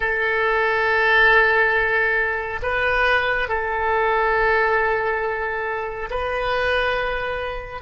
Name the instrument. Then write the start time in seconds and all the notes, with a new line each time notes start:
oboe
0.00 A4
2.62 B4
3.48 A4
6.10 B4